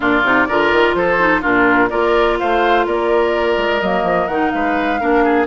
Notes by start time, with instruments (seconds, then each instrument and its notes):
0.00 bassoon A#2, clarinet D4, oboe F4, flute D5
0.23 bassoon C3, clarinet D#4
0.48 bassoon D3, clarinet F4, oboe A#4
0.71 bassoon D#3
0.94 bassoon F3, oboe A4, flute C5
1.18 clarinet D#4
1.41 bassoon A#2, clarinet D4, oboe F4, flute A#4
1.90 bassoon A#3, clarinet F4, oboe A#4, flute D5
2.38 bassoon A3, oboe C5, flute F5
2.86 bassoon A#3, oboe A#4, flute D5
3.57 bassoon G#3
3.81 bassoon F#3, clarinet A#3, flute D#5
4.03 bassoon F3
4.27 bassoon D#3, clarinet D#4, flute F#5
4.50 bassoon G#3, oboe B4, flute F5
4.99 bassoon A#3, clarinet D4, oboe A#4
5.24 oboe G#4